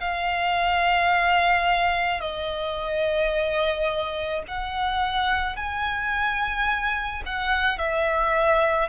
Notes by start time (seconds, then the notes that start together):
0.00 F5
2.21 D#5
4.47 F#5
5.56 G#5
7.26 F#5
7.78 E5